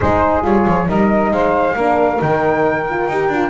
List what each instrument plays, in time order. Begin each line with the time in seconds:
0.00 double bass G#3, horn D#4, saxophone G#4, flute C5
0.42 double bass G3, horn F4, flute C#5
0.67 double bass F3
0.87 double bass G3, horn D#4, saxophone A#4, flute D#5
1.30 double bass G#3, saxophone C5, flute F5
1.75 double bass A#3, horn D4, saxophone A#4
2.18 double bass D#3, horn D#4, flute G5
2.89 horn F4
3.08 double bass D#4, horn G4
3.28 double bass D4, horn F4